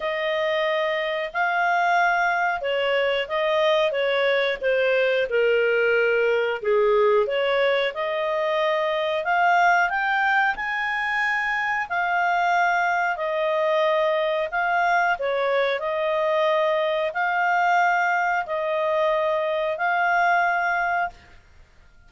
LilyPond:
\new Staff \with { instrumentName = "clarinet" } { \time 4/4 \tempo 4 = 91 dis''2 f''2 | cis''4 dis''4 cis''4 c''4 | ais'2 gis'4 cis''4 | dis''2 f''4 g''4 |
gis''2 f''2 | dis''2 f''4 cis''4 | dis''2 f''2 | dis''2 f''2 | }